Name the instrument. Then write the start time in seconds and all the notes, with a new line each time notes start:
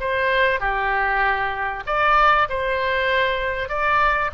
oboe
0.00 C5
0.60 G4
1.86 D5
2.49 C5
3.69 D5